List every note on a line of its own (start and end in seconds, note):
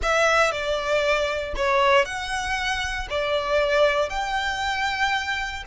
0.02 0.51 E5
0.51 1.54 D5
1.56 2.05 C#5
2.05 3.07 F#5
3.10 4.09 D5
4.09 5.63 G5